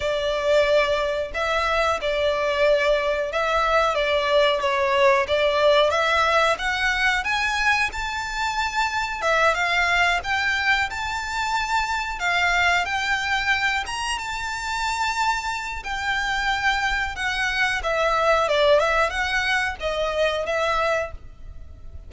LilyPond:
\new Staff \with { instrumentName = "violin" } { \time 4/4 \tempo 4 = 91 d''2 e''4 d''4~ | d''4 e''4 d''4 cis''4 | d''4 e''4 fis''4 gis''4 | a''2 e''8 f''4 g''8~ |
g''8 a''2 f''4 g''8~ | g''4 ais''8 a''2~ a''8 | g''2 fis''4 e''4 | d''8 e''8 fis''4 dis''4 e''4 | }